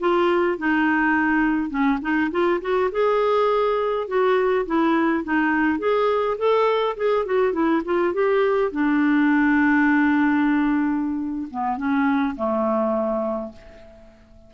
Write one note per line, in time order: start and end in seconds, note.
0.00 0.57 F4
0.57 1.70 D#4
1.70 1.99 C#4
2.01 2.30 D#4
2.31 2.60 F4
2.61 2.90 F#4
2.91 4.07 G#4
4.07 4.65 F#4
4.66 5.24 E4
5.24 5.79 D#4
5.79 6.37 G#4
6.38 6.96 A4
6.97 7.25 G#4
7.25 7.53 F#4
7.53 7.82 E4
7.84 8.13 F4
8.13 8.72 G4
8.72 11.48 D4
11.50 11.77 B3
11.77 12.35 C#4
12.36 13.52 A3